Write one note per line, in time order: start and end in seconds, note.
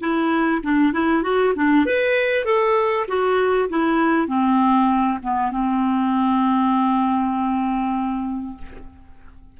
0.00 0.61 E4
0.63 0.93 D4
0.93 1.23 E4
1.23 1.54 F#4
1.56 1.86 D4
1.86 2.45 B4
2.45 3.06 A4
3.08 3.69 F#4
3.70 4.27 E4
4.27 5.19 C4
5.23 5.51 B3
5.51 8.57 C4